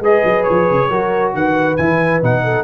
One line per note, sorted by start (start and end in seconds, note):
0.00 0.22 G#3
0.00 0.91 G#4
0.00 0.89 B4
0.00 0.44 D#5
0.25 0.47 F#3
0.44 0.71 F3
0.44 1.32 C#5
0.71 0.91 C#3
0.89 1.34 F#3
0.89 1.79 F#4
0.89 1.33 A#4
1.34 1.78 D#3
1.34 2.44 B4
1.34 1.77 F#5
1.77 2.23 E3
1.77 2.22 E4
1.77 2.21 G#5
2.22 2.64 B2
2.22 2.64 D#4
2.22 2.64 F#5
2.44 2.64 A4